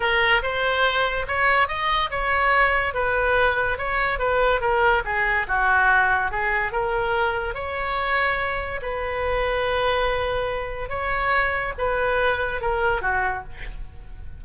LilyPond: \new Staff \with { instrumentName = "oboe" } { \time 4/4 \tempo 4 = 143 ais'4 c''2 cis''4 | dis''4 cis''2 b'4~ | b'4 cis''4 b'4 ais'4 | gis'4 fis'2 gis'4 |
ais'2 cis''2~ | cis''4 b'2.~ | b'2 cis''2 | b'2 ais'4 fis'4 | }